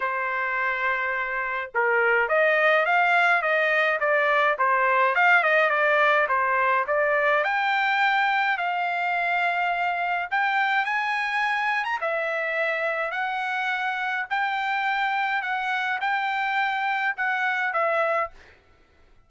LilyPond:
\new Staff \with { instrumentName = "trumpet" } { \time 4/4 \tempo 4 = 105 c''2. ais'4 | dis''4 f''4 dis''4 d''4 | c''4 f''8 dis''8 d''4 c''4 | d''4 g''2 f''4~ |
f''2 g''4 gis''4~ | gis''8. ais''16 e''2 fis''4~ | fis''4 g''2 fis''4 | g''2 fis''4 e''4 | }